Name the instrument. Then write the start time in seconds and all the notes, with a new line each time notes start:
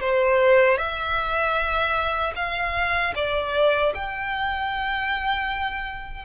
violin
0.00 C5
0.77 E5
2.35 F5
3.15 D5
3.94 G5